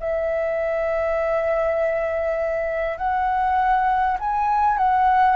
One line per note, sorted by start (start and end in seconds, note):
0.00 2.98 E5
2.98 4.18 F#5
4.19 4.78 G#5
4.78 5.36 F#5